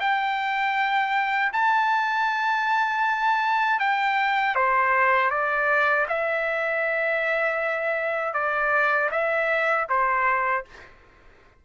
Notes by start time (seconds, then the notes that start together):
0.00 G5
1.53 A5
3.80 G5
4.55 C5
5.31 D5
6.09 E5
8.34 D5
9.11 E5
9.89 C5